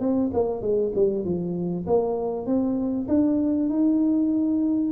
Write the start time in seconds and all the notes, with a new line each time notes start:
0.00 C4
0.34 A#3
0.62 G#3
0.95 G3
1.25 F3
1.87 A#3
2.46 C4
3.08 D4
3.70 D#4